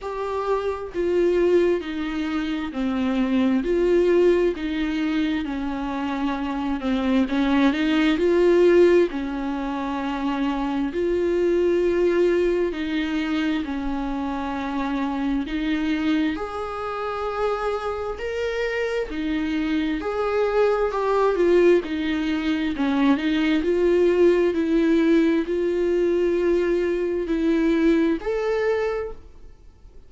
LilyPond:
\new Staff \with { instrumentName = "viola" } { \time 4/4 \tempo 4 = 66 g'4 f'4 dis'4 c'4 | f'4 dis'4 cis'4. c'8 | cis'8 dis'8 f'4 cis'2 | f'2 dis'4 cis'4~ |
cis'4 dis'4 gis'2 | ais'4 dis'4 gis'4 g'8 f'8 | dis'4 cis'8 dis'8 f'4 e'4 | f'2 e'4 a'4 | }